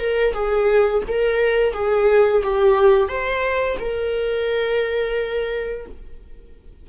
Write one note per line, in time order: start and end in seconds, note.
0.00 0.34 A#4
0.34 1.03 G#4
1.08 1.74 A#4
1.74 2.43 G#4
2.43 3.08 G4
3.08 3.77 C5
3.80 5.87 A#4